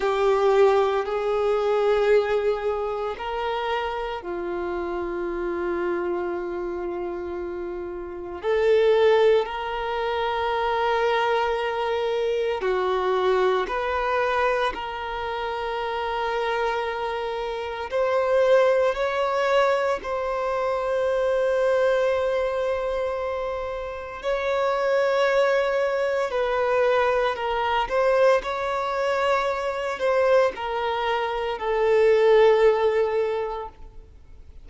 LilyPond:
\new Staff \with { instrumentName = "violin" } { \time 4/4 \tempo 4 = 57 g'4 gis'2 ais'4 | f'1 | a'4 ais'2. | fis'4 b'4 ais'2~ |
ais'4 c''4 cis''4 c''4~ | c''2. cis''4~ | cis''4 b'4 ais'8 c''8 cis''4~ | cis''8 c''8 ais'4 a'2 | }